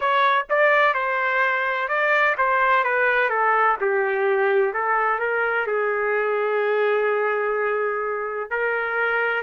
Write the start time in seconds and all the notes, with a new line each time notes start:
0.00 C#5
0.49 D5
0.94 C5
1.88 D5
2.37 C5
2.84 B4
3.29 A4
3.81 G4
4.73 A4
5.19 A#4
5.66 G#4
8.50 A#4